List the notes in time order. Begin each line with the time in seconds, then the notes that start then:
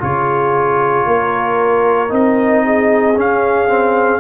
0.00 C#3 F4 G#4 C#5
1.06 A#3 A#4
2.09 C4 D#4 D#5
2.65 G#4
3.17 C#4 F5
3.69 C4